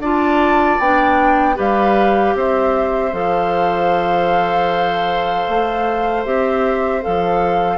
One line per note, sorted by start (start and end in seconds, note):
0.00 0.78 D4
0.00 0.81 F4
0.00 1.56 D5
0.00 0.80 A5
0.80 1.57 B3
0.80 1.55 D4
0.80 1.58 G5
1.55 2.35 G3
1.55 3.11 G4
1.55 2.34 B4
1.55 2.37 F5
2.35 3.13 C4
2.35 7.78 C5
2.35 3.14 E5
3.13 5.47 F3
3.13 6.24 A4
3.13 6.25 F5
5.48 6.26 A3
6.25 7.04 C4
6.25 7.02 G4
6.25 7.03 E5
7.02 7.78 F3
7.02 7.78 A4
7.02 7.78 F5